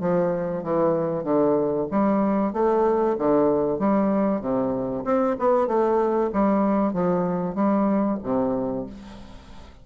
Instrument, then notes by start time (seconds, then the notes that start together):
bassoon
0.00 F3
0.63 E3
1.24 D3
1.91 G3
2.53 A3
3.18 D3
3.79 G3
4.41 C3
5.04 C4
5.39 B3
5.67 A3
6.33 G3
6.93 F3
7.55 G3
8.22 C3